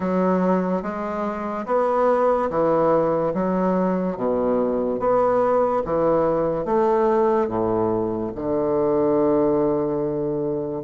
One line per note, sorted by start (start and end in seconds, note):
0.00 0.82 F#3
0.82 1.65 G#3
1.66 2.49 B3
2.50 3.33 E3
3.33 4.16 F#3
4.16 4.99 B2
4.99 5.83 B3
5.84 6.65 E3
6.65 7.48 A3
7.48 8.31 A2
8.35 10.83 D3